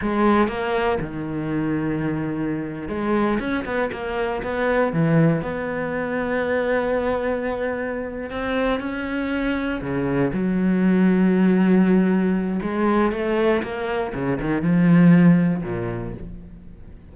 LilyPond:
\new Staff \with { instrumentName = "cello" } { \time 4/4 \tempo 4 = 119 gis4 ais4 dis2~ | dis4.~ dis16 gis4 cis'8 b8 ais16~ | ais8. b4 e4 b4~ b16~ | b1~ |
b8 c'4 cis'2 cis8~ | cis8 fis2.~ fis8~ | fis4 gis4 a4 ais4 | cis8 dis8 f2 ais,4 | }